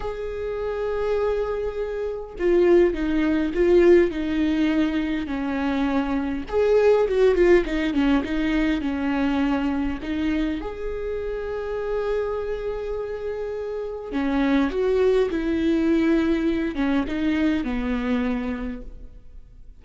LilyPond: \new Staff \with { instrumentName = "viola" } { \time 4/4 \tempo 4 = 102 gis'1 | f'4 dis'4 f'4 dis'4~ | dis'4 cis'2 gis'4 | fis'8 f'8 dis'8 cis'8 dis'4 cis'4~ |
cis'4 dis'4 gis'2~ | gis'1 | cis'4 fis'4 e'2~ | e'8 cis'8 dis'4 b2 | }